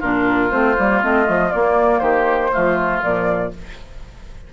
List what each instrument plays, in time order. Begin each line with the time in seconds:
0.00 bassoon A#2, clarinet D4, oboe F4, flute A#4
0.50 bassoon A3, clarinet C4, flute C5
0.78 bassoon G3, clarinet A#3
1.02 bassoon A3, clarinet C4, flute D#5
1.25 bassoon F3, clarinet A3
1.52 clarinet A#3, bassoon A#3, flute D5
1.99 bassoon D#3, oboe G4, flute C5
2.52 bassoon F3, clarinet A3, oboe F4
3.02 bassoon A#2, clarinet F3, flute D5